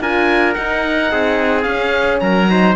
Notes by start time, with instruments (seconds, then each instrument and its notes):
0.00 cello D4, horn F4, trumpet A#4, oboe G#5
0.54 horn D#4, cello D#4, oboe F#5
1.11 cello C4, trumpet G#4
1.63 cello C#4, horn C#4, oboe F5
2.20 cello F#3, trumpet A#4, oboe A#5
2.48 horn D#4, trumpet C5